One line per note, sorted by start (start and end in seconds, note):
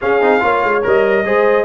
0.01 0.20 C#4
0.01 0.21 C#4
0.01 0.41 G#4
0.01 0.84 F5
0.20 0.42 C4
0.20 0.39 D#4
0.39 0.63 A#3
0.39 0.81 F4
0.39 1.25 C#5
0.63 0.84 G#3
0.83 1.25 G3
0.83 1.25 A#4
0.83 1.65 D#5
1.25 1.65 G#3
1.25 1.65 G#4
1.25 1.65 C5